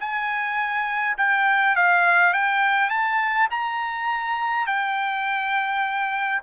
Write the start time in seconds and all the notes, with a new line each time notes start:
0.00 G#5
1.18 G5
1.76 F5
2.34 G5
2.90 A5
3.51 A#5
4.67 G5